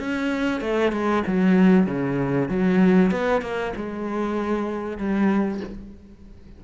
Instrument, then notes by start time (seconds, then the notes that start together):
cello
0.00 C#4
0.61 A3
0.92 G#3
1.27 F#3
1.87 C#3
2.49 F#3
3.11 B3
3.41 A#3
3.76 G#3
4.98 G3